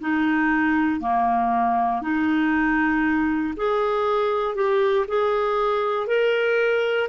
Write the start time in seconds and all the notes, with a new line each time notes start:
0.00 D#4
1.00 A#3
2.02 D#4
3.56 G#4
4.55 G4
5.08 G#4
6.07 A#4